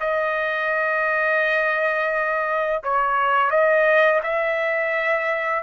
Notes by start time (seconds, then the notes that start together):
0.00 D#5
2.83 C#5
3.50 D#5
4.23 E5